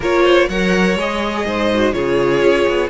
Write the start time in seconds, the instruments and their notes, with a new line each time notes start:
0.00 cello A#3, viola F4, violin A#4 C#5
0.23 violin C5
0.48 cello F#3, viola A#4, violin C#5 F#5
0.96 cello G#3, viola G#4, violin D#5
1.45 cello G#2, violin C5
1.73 viola F#4
1.92 cello C#3, viola F4, violin G#4 C#5
2.41 cello C#4
2.68 cello B3